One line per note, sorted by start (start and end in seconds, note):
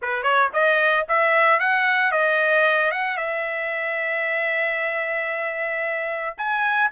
0.01 0.22 B4
0.22 0.49 C#5
0.53 1.06 D#5
1.08 1.59 E5
1.59 2.11 F#5
2.11 2.91 D#5
2.91 3.17 F#5
3.17 6.35 E5
6.37 6.90 G#5